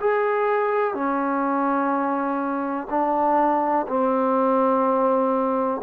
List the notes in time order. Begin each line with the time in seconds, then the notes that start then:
0.00 G#4
0.94 C#4
2.90 D4
3.88 C4